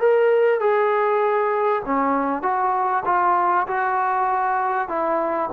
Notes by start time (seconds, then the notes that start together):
0.00 A#4
0.60 G#4
1.86 C#4
2.43 F#4
3.06 F4
3.68 F#4
4.89 E4